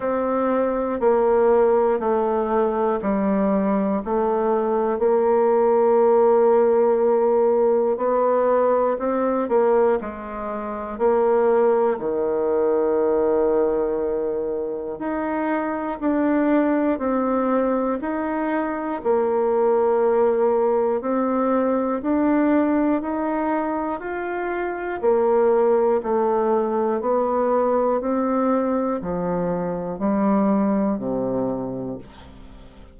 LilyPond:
\new Staff \with { instrumentName = "bassoon" } { \time 4/4 \tempo 4 = 60 c'4 ais4 a4 g4 | a4 ais2. | b4 c'8 ais8 gis4 ais4 | dis2. dis'4 |
d'4 c'4 dis'4 ais4~ | ais4 c'4 d'4 dis'4 | f'4 ais4 a4 b4 | c'4 f4 g4 c4 | }